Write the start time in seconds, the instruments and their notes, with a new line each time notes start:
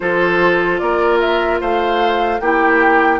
0.00 bassoon F3, clarinet F4, oboe A4, flute C5
0.78 bassoon A#3, oboe A#4, flute D5
1.20 flute E5
1.60 bassoon A3, oboe C5, flute F5
2.40 bassoon A#3, clarinet E4, oboe G4, flute G5